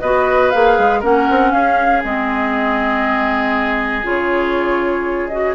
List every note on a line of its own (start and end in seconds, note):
0.00 0.52 B3
0.00 0.53 F#4
0.00 1.00 B4
0.00 0.50 D#5
0.50 0.78 A#3
0.50 1.02 G#4
0.50 1.01 F5
0.78 1.03 G#3
1.00 1.29 A#3
1.00 2.03 C#4
1.00 1.50 A#4
1.00 1.52 F#5
1.29 1.53 C4
1.52 2.04 C#4
1.52 5.55 G#4
1.52 2.02 F5
2.04 4.04 G#3
2.04 4.03 C4
2.04 4.06 D#5
4.03 5.55 C#3
4.03 5.29 F4
4.03 5.28 C#5
5.28 5.55 F#4
5.28 5.53 D#5